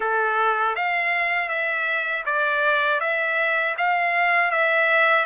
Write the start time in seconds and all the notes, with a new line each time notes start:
0.00 A4
0.75 F5
1.49 E5
2.25 D5
3.00 E5
3.77 F5
4.51 E5